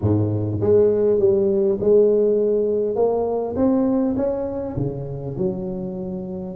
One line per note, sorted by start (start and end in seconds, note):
0.01 0.60 G#2
0.60 1.19 G#3
1.19 1.78 G3
1.80 2.95 G#3
2.95 3.55 A#3
3.55 4.15 C4
4.16 4.75 C#4
4.76 5.35 C#3
5.37 6.55 F#3